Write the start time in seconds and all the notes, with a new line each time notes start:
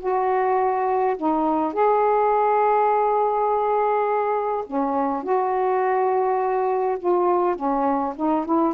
0.00 F#4
1.17 D#4
1.74 G#4
4.67 C#4
5.23 F#4
6.99 F4
7.56 C#4
8.16 D#4
8.45 E4